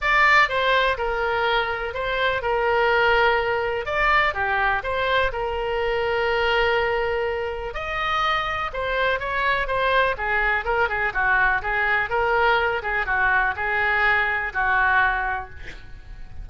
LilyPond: \new Staff \with { instrumentName = "oboe" } { \time 4/4 \tempo 4 = 124 d''4 c''4 ais'2 | c''4 ais'2. | d''4 g'4 c''4 ais'4~ | ais'1 |
dis''2 c''4 cis''4 | c''4 gis'4 ais'8 gis'8 fis'4 | gis'4 ais'4. gis'8 fis'4 | gis'2 fis'2 | }